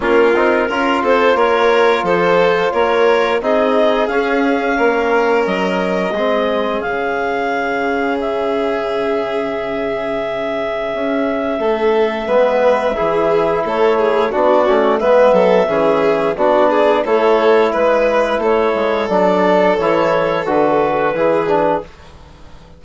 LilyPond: <<
  \new Staff \with { instrumentName = "clarinet" } { \time 4/4 \tempo 4 = 88 ais'4. c''8 cis''4 c''4 | cis''4 dis''4 f''2 | dis''2 f''2 | e''1~ |
e''1 | cis''4 d''4 e''2 | d''4 cis''4 b'4 cis''4 | d''4 cis''4 b'2 | }
  \new Staff \with { instrumentName = "violin" } { \time 4/4 f'4 ais'8 a'8 ais'4 a'4 | ais'4 gis'2 ais'4~ | ais'4 gis'2.~ | gis'1~ |
gis'4 a'4 b'4 gis'4 | a'8 gis'8 fis'4 b'8 a'8 gis'4 | fis'8 gis'8 a'4 b'4 a'4~ | a'2. gis'4 | }
  \new Staff \with { instrumentName = "trombone" } { \time 4/4 cis'8 dis'8 f'2.~ | f'4 dis'4 cis'2~ | cis'4 c'4 cis'2~ | cis'1~ |
cis'2 b4 e'4~ | e'4 d'8 cis'8 b4 cis'4 | d'4 e'2. | d'4 e'4 fis'4 e'8 d'8 | }
  \new Staff \with { instrumentName = "bassoon" } { \time 4/4 ais8 c'8 cis'8 c'8 ais4 f4 | ais4 c'4 cis'4 ais4 | fis4 gis4 cis2~ | cis1 |
cis'4 a4 gis4 e4 | a4 b8 a8 gis8 fis8 e4 | b4 a4 gis4 a8 gis8 | fis4 e4 d4 e4 | }
>>